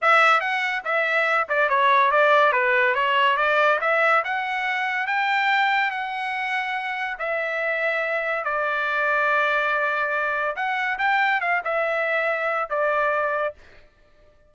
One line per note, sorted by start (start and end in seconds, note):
0.01 0.40 E5
0.40 0.82 F#5
0.84 1.48 E5
1.49 1.69 D5
1.69 2.11 C#5
2.11 2.52 D5
2.52 2.94 B4
2.94 3.36 C#5
3.36 3.79 D5
3.80 4.23 E5
4.24 5.06 F#5
5.06 5.90 G5
5.90 7.17 F#5
7.18 8.44 E5
8.44 10.55 D5
10.56 10.98 F#5
10.98 11.40 G5
11.40 11.62 F5
11.64 12.69 E5
12.69 13.54 D5